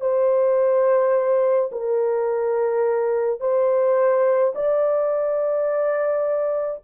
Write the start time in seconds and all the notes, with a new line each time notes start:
0.00 C5
1.71 A#4
3.40 C5
4.55 D5